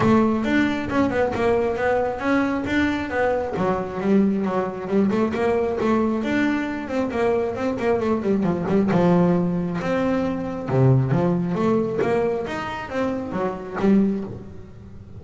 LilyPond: \new Staff \with { instrumentName = "double bass" } { \time 4/4 \tempo 4 = 135 a4 d'4 cis'8 b8 ais4 | b4 cis'4 d'4 b4 | fis4 g4 fis4 g8 a8 | ais4 a4 d'4. c'8 |
ais4 c'8 ais8 a8 g8 f8 g8 | f2 c'2 | c4 f4 a4 ais4 | dis'4 c'4 fis4 g4 | }